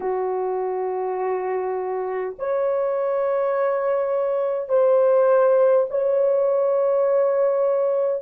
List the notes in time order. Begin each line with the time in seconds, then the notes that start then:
0.00 F#4
2.39 C#5
4.68 C5
5.89 C#5